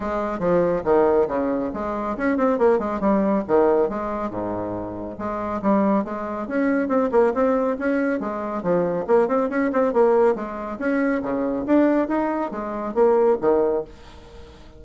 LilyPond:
\new Staff \with { instrumentName = "bassoon" } { \time 4/4 \tempo 4 = 139 gis4 f4 dis4 cis4 | gis4 cis'8 c'8 ais8 gis8 g4 | dis4 gis4 gis,2 | gis4 g4 gis4 cis'4 |
c'8 ais8 c'4 cis'4 gis4 | f4 ais8 c'8 cis'8 c'8 ais4 | gis4 cis'4 cis4 d'4 | dis'4 gis4 ais4 dis4 | }